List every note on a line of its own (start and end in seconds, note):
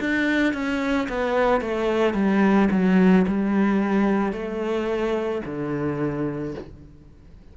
0.00 0.53 D4
0.53 1.08 C#4
1.08 1.61 B3
1.61 2.14 A3
2.14 2.68 G3
2.71 3.25 F#3
3.27 4.32 G3
4.32 5.41 A3
5.45 6.55 D3